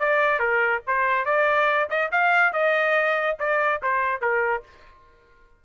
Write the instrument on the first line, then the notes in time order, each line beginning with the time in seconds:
trumpet
0.00 D5
0.39 A#4
0.87 C5
1.26 D5
1.90 D#5
2.12 F5
2.53 D#5
3.39 D5
3.83 C5
4.21 A#4